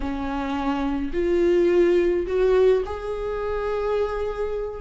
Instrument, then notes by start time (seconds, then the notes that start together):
viola
0.00 C#4
1.13 F4
2.26 F#4
2.85 G#4